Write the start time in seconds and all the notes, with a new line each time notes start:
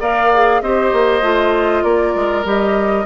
0.00 A#3 A#4 D5 F5
0.33 G#4
0.61 C4 G4 C5 D#5
0.92 A#3
1.21 A3 F4
1.83 A#3 A#4 D5
2.15 G#3
2.44 G3 G4 D#5